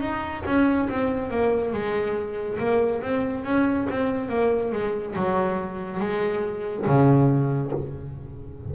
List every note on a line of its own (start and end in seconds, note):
0.00 0.43 D#4
0.45 0.88 C#4
0.89 1.30 C4
1.30 1.73 A#3
1.73 2.58 G#3
2.59 3.02 A#3
3.02 3.44 C4
3.44 3.87 C#4
3.90 4.29 C4
4.29 4.71 A#3
4.72 5.15 G#3
5.15 6.00 F#3
6.00 6.85 G#3
6.86 7.72 C#3